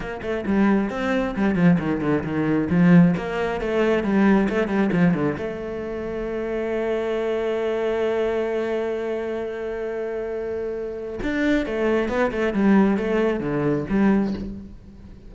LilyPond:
\new Staff \with { instrumentName = "cello" } { \time 4/4 \tempo 4 = 134 ais8 a8 g4 c'4 g8 f8 | dis8 d8 dis4 f4 ais4 | a4 g4 a8 g8 f8 d8 | a1~ |
a1~ | a1~ | a4 d'4 a4 b8 a8 | g4 a4 d4 g4 | }